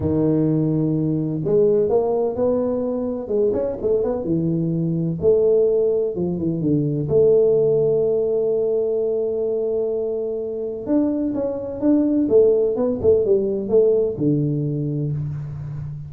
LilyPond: \new Staff \with { instrumentName = "tuba" } { \time 4/4 \tempo 4 = 127 dis2. gis4 | ais4 b2 gis8 cis'8 | a8 b8 e2 a4~ | a4 f8 e8 d4 a4~ |
a1~ | a2. d'4 | cis'4 d'4 a4 b8 a8 | g4 a4 d2 | }